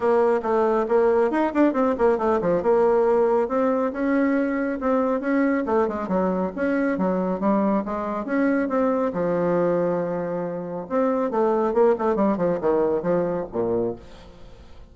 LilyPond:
\new Staff \with { instrumentName = "bassoon" } { \time 4/4 \tempo 4 = 138 ais4 a4 ais4 dis'8 d'8 | c'8 ais8 a8 f8 ais2 | c'4 cis'2 c'4 | cis'4 a8 gis8 fis4 cis'4 |
fis4 g4 gis4 cis'4 | c'4 f2.~ | f4 c'4 a4 ais8 a8 | g8 f8 dis4 f4 ais,4 | }